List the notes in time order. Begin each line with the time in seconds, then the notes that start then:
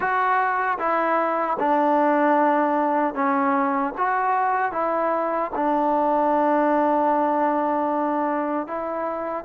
0.00 F#4
0.78 E4
1.59 D4
3.14 C#4
3.97 F#4
4.72 E4
5.55 D4
8.67 E4